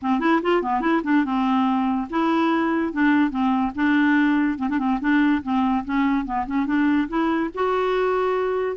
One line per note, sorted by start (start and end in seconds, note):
0.02 0.20 C4
0.20 0.40 E4
0.42 0.62 F4
0.62 0.80 B3
0.80 1.01 E4
1.03 1.24 D4
1.24 2.08 C4
2.10 2.92 E4
2.92 3.30 D4
3.30 3.72 C4
3.75 4.58 D4
4.58 4.69 C4
4.69 4.79 D4
4.79 4.99 C4
5.00 5.41 D4
5.42 5.84 C4
5.84 6.25 C#4
6.25 6.46 B3
6.46 6.66 C#4
6.66 7.07 D4
7.08 7.50 E4
7.54 8.76 F#4